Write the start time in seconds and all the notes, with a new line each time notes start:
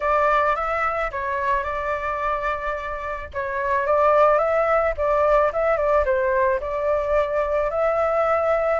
0.00 D5
0.55 E5
1.11 C#5
1.63 D5
3.33 C#5
3.86 D5
4.38 E5
4.97 D5
5.52 E5
5.76 D5
6.05 C5
6.60 D5
7.70 E5